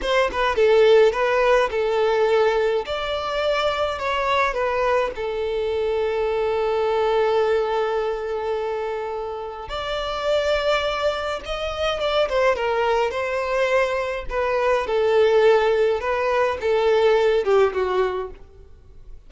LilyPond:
\new Staff \with { instrumentName = "violin" } { \time 4/4 \tempo 4 = 105 c''8 b'8 a'4 b'4 a'4~ | a'4 d''2 cis''4 | b'4 a'2.~ | a'1~ |
a'4 d''2. | dis''4 d''8 c''8 ais'4 c''4~ | c''4 b'4 a'2 | b'4 a'4. g'8 fis'4 | }